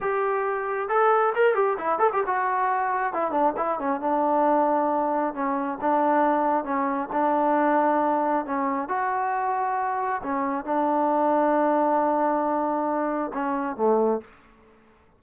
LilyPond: \new Staff \with { instrumentName = "trombone" } { \time 4/4 \tempo 4 = 135 g'2 a'4 ais'8 g'8 | e'8 a'16 g'16 fis'2 e'8 d'8 | e'8 cis'8 d'2. | cis'4 d'2 cis'4 |
d'2. cis'4 | fis'2. cis'4 | d'1~ | d'2 cis'4 a4 | }